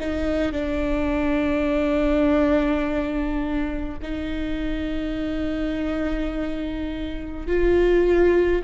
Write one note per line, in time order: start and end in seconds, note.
0.00 0.53 D#4
0.53 3.99 D4
4.02 7.47 D#4
7.47 8.63 F4